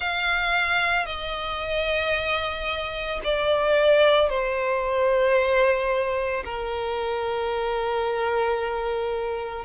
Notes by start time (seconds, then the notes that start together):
0.00 F5
1.06 D#5
3.24 D5
4.29 C5
6.44 A#4